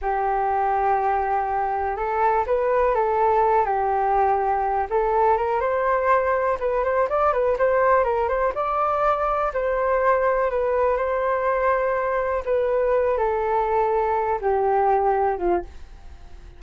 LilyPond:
\new Staff \with { instrumentName = "flute" } { \time 4/4 \tempo 4 = 123 g'1 | a'4 b'4 a'4. g'8~ | g'2 a'4 ais'8 c''8~ | c''4. b'8 c''8 d''8 b'8 c''8~ |
c''8 ais'8 c''8 d''2 c''8~ | c''4. b'4 c''4.~ | c''4. b'4. a'4~ | a'4. g'2 f'8 | }